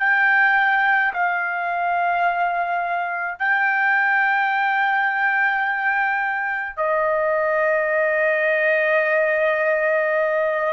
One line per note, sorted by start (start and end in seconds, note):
0.00 1.13 G5
1.14 3.39 F5
3.39 6.77 G5
6.77 10.73 D#5